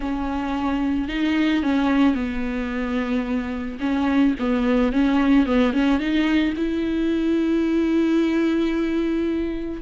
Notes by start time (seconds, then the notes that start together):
0.00 C#4
1.08 D#4
1.62 C#4
2.14 B3
3.80 C#4
4.39 B3
4.92 C#4
5.46 B3
5.73 C#4
5.99 D#4
6.57 E4